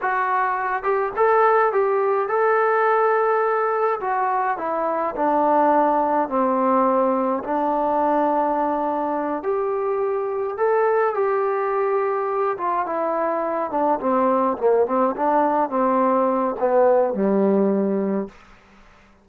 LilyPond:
\new Staff \with { instrumentName = "trombone" } { \time 4/4 \tempo 4 = 105 fis'4. g'8 a'4 g'4 | a'2. fis'4 | e'4 d'2 c'4~ | c'4 d'2.~ |
d'8 g'2 a'4 g'8~ | g'2 f'8 e'4. | d'8 c'4 ais8 c'8 d'4 c'8~ | c'4 b4 g2 | }